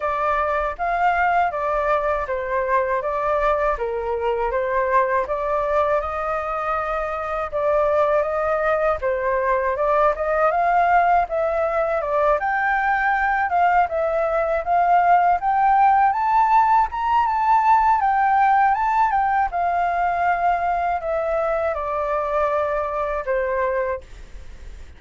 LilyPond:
\new Staff \with { instrumentName = "flute" } { \time 4/4 \tempo 4 = 80 d''4 f''4 d''4 c''4 | d''4 ais'4 c''4 d''4 | dis''2 d''4 dis''4 | c''4 d''8 dis''8 f''4 e''4 |
d''8 g''4. f''8 e''4 f''8~ | f''8 g''4 a''4 ais''8 a''4 | g''4 a''8 g''8 f''2 | e''4 d''2 c''4 | }